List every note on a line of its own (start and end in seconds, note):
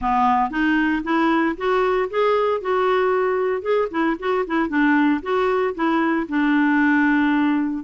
0.01 0.50 B3
0.50 1.02 D#4
1.03 1.56 E4
1.57 2.09 F#4
2.10 2.61 G#4
2.61 3.62 F#4
3.62 3.88 G#4
3.90 4.16 E4
4.19 4.45 F#4
4.46 4.68 E4
4.68 5.21 D4
5.22 5.74 F#4
5.74 6.27 E4
6.28 7.84 D4